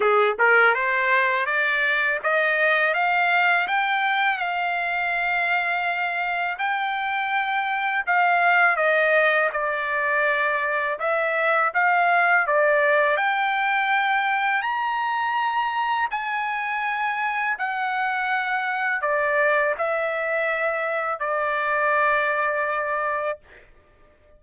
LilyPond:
\new Staff \with { instrumentName = "trumpet" } { \time 4/4 \tempo 4 = 82 gis'8 ais'8 c''4 d''4 dis''4 | f''4 g''4 f''2~ | f''4 g''2 f''4 | dis''4 d''2 e''4 |
f''4 d''4 g''2 | ais''2 gis''2 | fis''2 d''4 e''4~ | e''4 d''2. | }